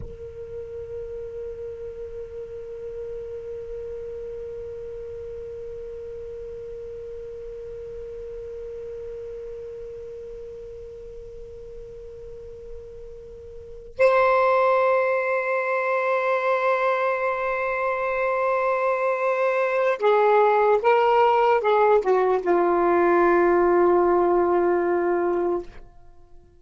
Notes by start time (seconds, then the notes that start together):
0.00 A#4
13.98 C5
19.99 G#4
20.82 A#4
21.60 G#4
22.01 F#4
22.42 F4